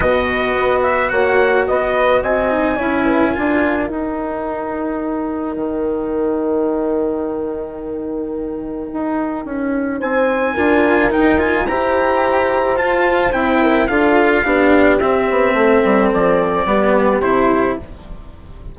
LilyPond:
<<
  \new Staff \with { instrumentName = "trumpet" } { \time 4/4 \tempo 4 = 108 dis''4. e''8 fis''4 dis''4 | gis''2. g''4~ | g''1~ | g''1~ |
g''2 gis''2 | g''8 gis''8 ais''2 a''4 | g''4 f''2 e''4~ | e''4 d''2 c''4 | }
  \new Staff \with { instrumentName = "horn" } { \time 4/4 b'2 cis''4 b'4 | dis''4 cis''8 b'8 ais'2~ | ais'1~ | ais'1~ |
ais'2 c''4 ais'4~ | ais'4 c''2.~ | c''8 ais'8 a'4 g'2 | a'2 g'2 | }
  \new Staff \with { instrumentName = "cello" } { \time 4/4 fis'1~ | fis'8 dis'8 e'4 f'4 dis'4~ | dis'1~ | dis'1~ |
dis'2. f'4 | dis'8 f'8 g'2 f'4 | e'4 f'4 d'4 c'4~ | c'2 b4 e'4 | }
  \new Staff \with { instrumentName = "bassoon" } { \time 4/4 b,4 b4 ais4 b4 | c'4 cis'4 d'4 dis'4~ | dis'2 dis2~ | dis1 |
dis'4 cis'4 c'4 d'4 | dis'4 e'2 f'4 | c'4 d'4 b4 c'8 b8 | a8 g8 f4 g4 c4 | }
>>